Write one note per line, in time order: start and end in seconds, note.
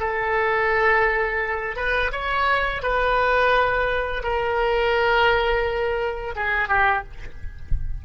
0.00 1.76 A4
1.76 2.11 B4
2.12 2.83 C#5
2.83 4.23 B4
4.23 6.35 A#4
6.36 6.69 G#4
6.69 7.04 G4